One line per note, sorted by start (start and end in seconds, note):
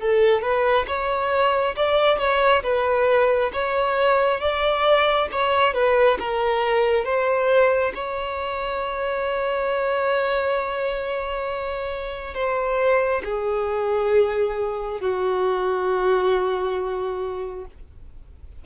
0.00 0.42 A4
0.42 0.86 B4
0.87 1.75 C#5
1.76 2.18 D5
2.18 2.62 C#5
2.63 3.51 B4
3.53 4.40 C#5
4.40 5.29 D5
5.32 5.74 C#5
5.74 6.18 B4
6.19 7.04 A#4
7.04 7.93 C5
7.94 12.34 C#5
12.34 13.22 C5
13.24 15.00 G#4
15.00 17.65 F#4